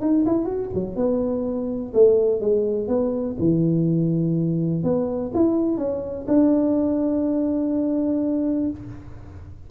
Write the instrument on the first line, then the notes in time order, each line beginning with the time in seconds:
tuba
0.00 D#4
0.26 E4
0.45 F#4
0.74 F#3
0.95 B3
1.93 A3
2.40 G#3
2.87 B3
3.39 E3
4.83 B3
5.34 E4
5.77 C#4
6.27 D4